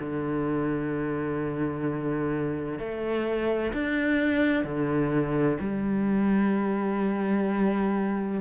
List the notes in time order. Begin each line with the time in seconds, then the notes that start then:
0.00 D3
2.79 A3
3.73 D4
4.64 D3
5.60 G3